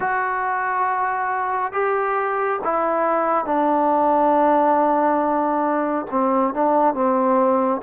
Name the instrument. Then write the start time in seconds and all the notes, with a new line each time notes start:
trombone
0.00 F#4
1.72 G4
2.64 E4
3.45 D4
6.11 C4
6.53 D4
6.94 C4